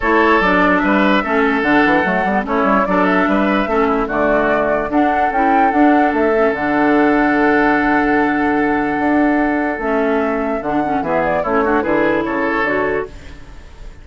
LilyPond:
<<
  \new Staff \with { instrumentName = "flute" } { \time 4/4 \tempo 4 = 147 cis''4 d''4 e''2 | fis''2 cis''4 d''8 e''8~ | e''2 d''2 | fis''4 g''4 fis''4 e''4 |
fis''1~ | fis''1 | e''2 fis''4 e''8 d''8 | cis''4 b'4 cis''2 | }
  \new Staff \with { instrumentName = "oboe" } { \time 4/4 a'2 b'4 a'4~ | a'2 e'4 a'4 | b'4 a'8 e'8 fis'2 | a'1~ |
a'1~ | a'1~ | a'2. gis'4 | e'8 fis'8 gis'4 a'2 | }
  \new Staff \with { instrumentName = "clarinet" } { \time 4/4 e'4 d'2 cis'4 | d'4 a8 b8 cis'4 d'4~ | d'4 cis'4 a2 | d'4 e'4 d'4. cis'8 |
d'1~ | d'1 | cis'2 d'8 cis'8 b4 | cis'8 d'8 e'2 fis'4 | }
  \new Staff \with { instrumentName = "bassoon" } { \time 4/4 a4 fis4 g4 a4 | d8 e8 fis8 g8 a8 g8 fis4 | g4 a4 d2 | d'4 cis'4 d'4 a4 |
d1~ | d2 d'2 | a2 d4 e4 | a4 d4 cis4 d4 | }
>>